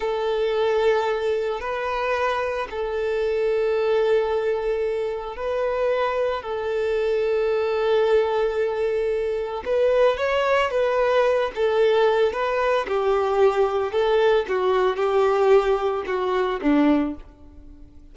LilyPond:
\new Staff \with { instrumentName = "violin" } { \time 4/4 \tempo 4 = 112 a'2. b'4~ | b'4 a'2.~ | a'2 b'2 | a'1~ |
a'2 b'4 cis''4 | b'4. a'4. b'4 | g'2 a'4 fis'4 | g'2 fis'4 d'4 | }